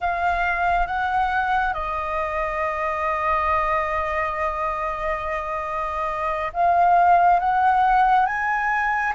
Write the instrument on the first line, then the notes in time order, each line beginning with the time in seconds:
flute
0.00 F5
0.86 F#5
1.74 D#5
6.53 F5
7.39 F#5
8.26 G#5